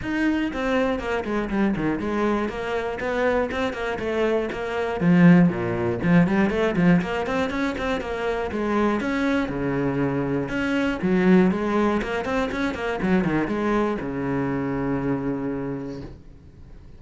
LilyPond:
\new Staff \with { instrumentName = "cello" } { \time 4/4 \tempo 4 = 120 dis'4 c'4 ais8 gis8 g8 dis8 | gis4 ais4 b4 c'8 ais8 | a4 ais4 f4 ais,4 | f8 g8 a8 f8 ais8 c'8 cis'8 c'8 |
ais4 gis4 cis'4 cis4~ | cis4 cis'4 fis4 gis4 | ais8 c'8 cis'8 ais8 fis8 dis8 gis4 | cis1 | }